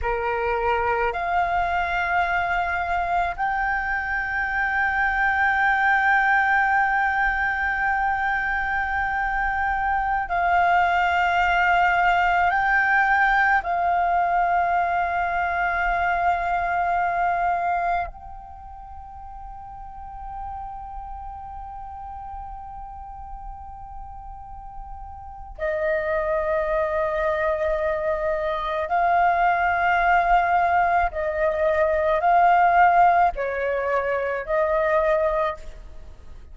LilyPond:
\new Staff \with { instrumentName = "flute" } { \time 4/4 \tempo 4 = 54 ais'4 f''2 g''4~ | g''1~ | g''4~ g''16 f''2 g''8.~ | g''16 f''2.~ f''8.~ |
f''16 g''2.~ g''8.~ | g''2. dis''4~ | dis''2 f''2 | dis''4 f''4 cis''4 dis''4 | }